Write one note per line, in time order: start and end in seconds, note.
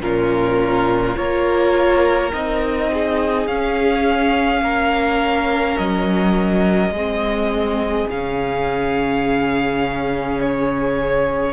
0.00 1.15 A#2
0.00 1.15 C#4
0.00 1.17 F4
0.00 1.17 A#4
1.15 2.32 A#3
1.15 2.31 F4
1.15 2.90 A#4
1.15 2.32 C#5
2.33 3.47 C4
2.33 3.48 D#4
2.33 3.46 D#5
2.93 4.62 G#4
3.46 4.61 C#4
3.46 6.94 C#4
3.46 5.77 F5
4.61 5.76 A#3
4.61 6.93 A#4
5.77 6.90 F#3
5.77 8.08 D#5
6.90 8.05 G#3
6.90 8.10 C4
6.90 11.52 G#4
8.10 11.52 C#3
8.10 11.52 C#4
8.10 10.40 F5
10.40 11.52 C#5